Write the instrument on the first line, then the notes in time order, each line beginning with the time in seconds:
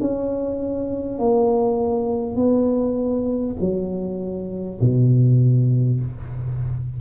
tuba
0.00 C#4
1.19 A#3
2.36 B3
3.60 F#3
4.81 B2